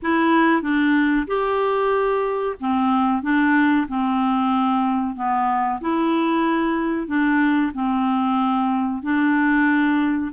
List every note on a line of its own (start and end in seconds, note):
0.02 0.62 E4
0.62 1.26 D4
1.27 2.56 G4
2.60 3.22 C4
3.22 3.87 D4
3.88 5.15 C4
5.15 5.79 B3
5.80 7.07 E4
7.07 7.72 D4
7.73 9.02 C4
9.02 10.31 D4